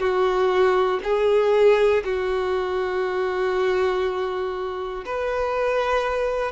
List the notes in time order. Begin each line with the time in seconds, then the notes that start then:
0.00 F#4
1.04 G#4
2.05 F#4
5.06 B4